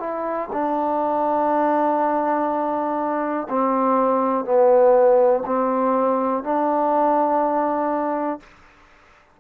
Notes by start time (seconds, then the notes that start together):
0.00 E4
0.53 D4
3.50 C4
4.45 B3
5.46 C4
6.44 D4